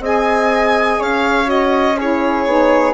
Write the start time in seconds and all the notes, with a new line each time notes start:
0.00 C4 G#4 D#5 G#5
1.00 C#4 C#5 F5
1.45 F#4 D#5
1.98 E4 G#4 C#5
2.46 B3 D#4